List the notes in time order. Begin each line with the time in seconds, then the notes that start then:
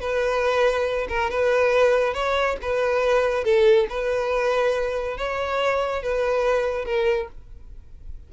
0.00 B4
1.08 A#4
1.30 B4
2.14 C#5
2.61 B4
3.44 A4
3.89 B4
5.17 C#5
6.02 B4
6.85 A#4